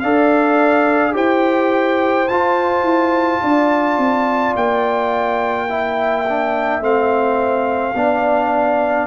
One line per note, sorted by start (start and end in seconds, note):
0.00 1.15 D4
0.00 1.12 A4
0.00 1.15 D5
0.00 1.13 F5
1.12 2.29 E4
1.12 2.26 G4
1.12 3.42 C5
1.12 2.28 G5
2.28 2.83 F4
2.28 5.69 F4
2.28 4.54 A5
2.83 3.39 E4
3.42 3.98 D4
3.42 5.68 D5
3.98 4.54 C4
4.56 6.80 A#3
4.56 6.83 G5
5.69 6.25 E4
5.69 7.95 E5
6.29 6.81 D4
6.80 7.94 A3
6.80 7.95 C4
6.80 9.07 F5
7.94 9.07 B3
7.94 9.07 D4
7.94 9.07 D5